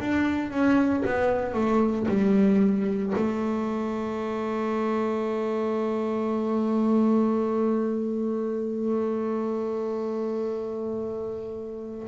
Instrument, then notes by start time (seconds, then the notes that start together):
double bass
0.00 D4
0.51 C#4
1.06 B3
1.54 A3
2.08 G3
3.16 A3